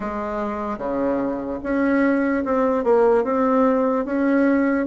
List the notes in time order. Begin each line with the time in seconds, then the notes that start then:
0.00 G#3
0.78 C#3
1.63 C#4
2.44 C4
2.83 A#3
3.24 C4
4.05 C#4